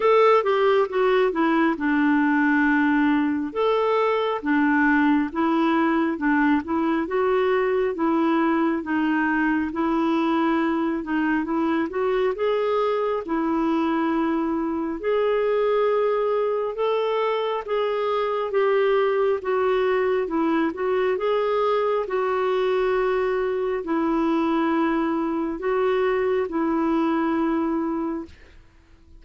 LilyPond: \new Staff \with { instrumentName = "clarinet" } { \time 4/4 \tempo 4 = 68 a'8 g'8 fis'8 e'8 d'2 | a'4 d'4 e'4 d'8 e'8 | fis'4 e'4 dis'4 e'4~ | e'8 dis'8 e'8 fis'8 gis'4 e'4~ |
e'4 gis'2 a'4 | gis'4 g'4 fis'4 e'8 fis'8 | gis'4 fis'2 e'4~ | e'4 fis'4 e'2 | }